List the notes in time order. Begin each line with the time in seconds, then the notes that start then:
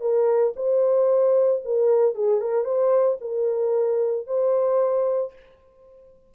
0.00 A#4
0.56 C5
1.64 A#4
2.15 G#4
2.41 A#4
2.64 C5
3.21 A#4
4.26 C5